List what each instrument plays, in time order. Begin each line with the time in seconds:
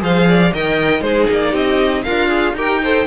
0.00 cello F3, viola G#4, violin C5 F5
0.28 violin D5
0.53 cello D#3, viola A#4, violin D#5 G5
1.01 cello G#3, viola D#4, violin G#4 C5
1.31 cello A#3, violin D5
1.52 cello C4, violin G4 D#5
2.03 cello D4, violin F4 F5, viola A#4
2.29 viola G#4
2.53 cello D#4, viola G4, violin A#4 G5
2.82 viola A4, violin C5